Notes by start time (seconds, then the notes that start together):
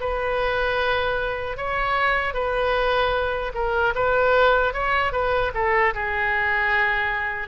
0.00 B4
1.57 C#5
2.34 B4
3.54 A#4
3.95 B4
4.73 C#5
5.12 B4
5.54 A4
5.94 G#4